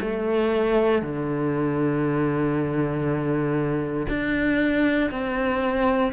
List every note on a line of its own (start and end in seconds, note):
0.00 1.02 A3
1.02 4.07 D3
4.08 5.10 D4
5.10 6.12 C4